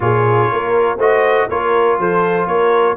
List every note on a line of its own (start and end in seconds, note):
0.00 0.48 A#2
0.00 0.98 F4
0.00 0.51 G#4
0.00 0.99 C#5
0.51 0.97 A#3
0.51 0.97 A#4
0.97 1.47 A3
0.97 1.49 F#4
0.97 1.47 C5
0.97 1.49 D#5
1.49 1.98 A#3
1.49 2.97 F4
1.49 1.99 A#4
1.49 1.99 C#5
1.98 2.47 F3
1.98 2.46 A4
1.98 2.47 C5
2.46 2.96 A#3
2.46 2.96 A#4
2.46 2.96 C#5